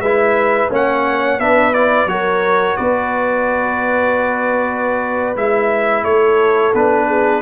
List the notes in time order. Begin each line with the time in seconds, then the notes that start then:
0.00 G#3 E4 B4 E5
0.71 A#3 C#4 C#5 F#5
1.39 B3 D4 B4 E5
1.74 E4 D5
2.06 F#3 F#4 A#4 C#5
2.77 B3 B4 D5
5.36 G#3 E4 E5
6.04 A3 C#5
6.10 A4
6.74 B3 D4 B4
7.07 G#4